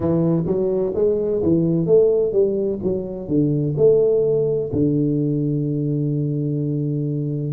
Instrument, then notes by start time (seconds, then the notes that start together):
tuba
0.00 E3
0.46 F#3
0.95 G#3
1.42 E3
1.86 A3
2.32 G3
2.83 F#3
3.28 D3
3.77 A3
4.72 D3